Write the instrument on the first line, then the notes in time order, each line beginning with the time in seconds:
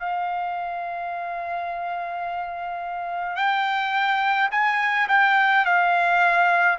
trumpet
0.00 F5
3.37 G5
4.52 G#5
5.09 G5
5.66 F5